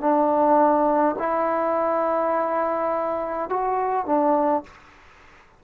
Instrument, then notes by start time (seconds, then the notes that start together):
trombone
0.00 D4
1.19 E4
3.49 F#4
4.06 D4